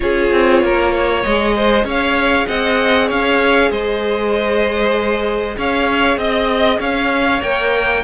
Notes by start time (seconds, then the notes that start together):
0.00 C#4 F4 G#4 C#5
0.31 C4
0.62 A#3 A#4
0.92 C#5
1.23 G#3 G#4 D#5
1.55 C5
1.84 C#4 C#5 F5
2.47 C4 D#5 F#5
3.07 C#4 C#5 F5
3.70 G#3 C5 D#5
5.57 C#4 C#5 F5
6.16 C4 D#5
6.79 C#4 C#5 F5
7.40 A#3 A#4 G5